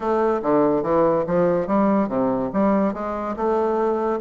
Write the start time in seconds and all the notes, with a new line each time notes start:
0.00 A3
0.42 D3
0.83 E3
1.26 F3
1.67 G3
2.08 C3
2.53 G3
2.93 G#3
3.36 A3